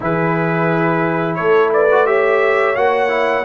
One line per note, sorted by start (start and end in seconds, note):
0.00 1.39 E3
0.00 1.88 E4
0.00 1.38 G#4
0.00 1.35 B4
1.35 2.75 A3
1.35 1.73 A4
1.35 1.69 C#5
1.73 2.07 B4
1.73 2.06 D5
1.91 2.06 F#4
2.06 2.75 G4
2.06 3.44 C#5
2.06 2.75 E5
2.75 3.44 A#3
2.75 3.08 F#4
2.75 3.44 F#5
3.08 3.43 E4